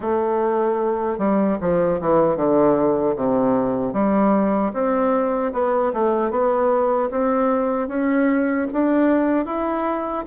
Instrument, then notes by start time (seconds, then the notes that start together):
bassoon
0.00 A3
1.18 G3
1.60 F3
2.01 E3
2.36 D3
3.16 C3
3.93 G3
4.73 C4
5.53 B3
5.93 A3
6.30 B3
7.11 C4
7.88 C#4
8.72 D4
9.45 E4